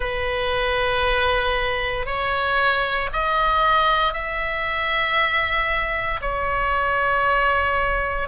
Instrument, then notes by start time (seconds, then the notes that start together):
oboe
0.00 B4
2.05 C#5
3.13 D#5
4.13 E5
6.21 C#5